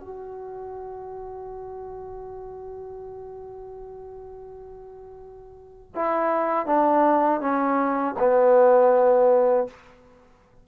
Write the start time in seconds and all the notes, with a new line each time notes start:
0.00 F#4
5.95 E4
6.66 D4
7.40 C#4
8.19 B3